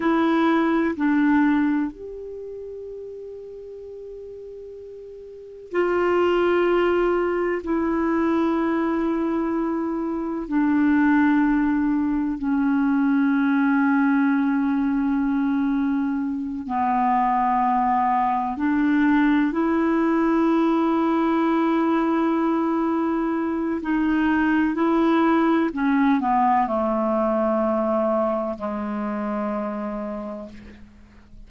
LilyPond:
\new Staff \with { instrumentName = "clarinet" } { \time 4/4 \tempo 4 = 63 e'4 d'4 g'2~ | g'2 f'2 | e'2. d'4~ | d'4 cis'2.~ |
cis'4. b2 d'8~ | d'8 e'2.~ e'8~ | e'4 dis'4 e'4 cis'8 b8 | a2 gis2 | }